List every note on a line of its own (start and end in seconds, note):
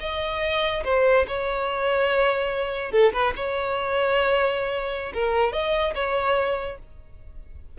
0.00 0.83 D#5
0.84 1.26 C5
1.27 2.92 C#5
2.92 3.12 A4
3.12 3.33 B4
3.36 5.13 C#5
5.13 5.52 A#4
5.52 5.94 D#5
5.95 6.78 C#5